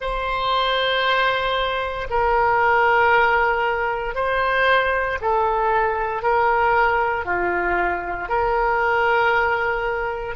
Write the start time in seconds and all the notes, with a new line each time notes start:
0.00 C5
2.09 A#4
4.14 C5
5.21 A4
6.22 A#4
7.25 F4
8.29 A#4